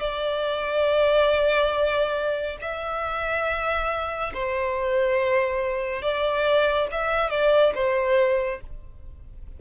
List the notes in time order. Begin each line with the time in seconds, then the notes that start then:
0.00 D5
2.61 E5
4.34 C5
6.02 D5
6.92 E5
7.30 D5
7.75 C5